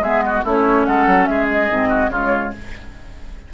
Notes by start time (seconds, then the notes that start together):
0.00 G#3 B3 G#4 E5
0.22 F#4 D#5
0.44 A3 C#4 E4 C#5
0.86 G#3 A4 F#5
1.07 F#3
1.26 G#3 G#4 E5
1.52 D#5
1.69 G#2 C4
1.89 F#4
2.09 C#3 G#3 F4 C#5